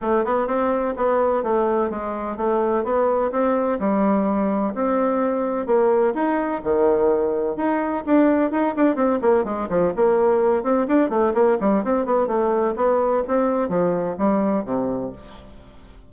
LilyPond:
\new Staff \with { instrumentName = "bassoon" } { \time 4/4 \tempo 4 = 127 a8 b8 c'4 b4 a4 | gis4 a4 b4 c'4 | g2 c'2 | ais4 dis'4 dis2 |
dis'4 d'4 dis'8 d'8 c'8 ais8 | gis8 f8 ais4. c'8 d'8 a8 | ais8 g8 c'8 b8 a4 b4 | c'4 f4 g4 c4 | }